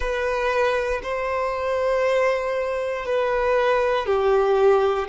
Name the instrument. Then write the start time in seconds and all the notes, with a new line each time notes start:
violin
0.00 B4
1.03 C5
3.05 B4
4.06 G4